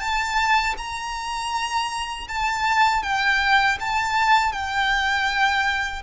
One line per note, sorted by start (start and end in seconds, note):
0.00 0.75 A5
0.77 2.27 A#5
2.28 3.03 A5
3.03 3.78 G5
3.80 4.52 A5
4.52 6.02 G5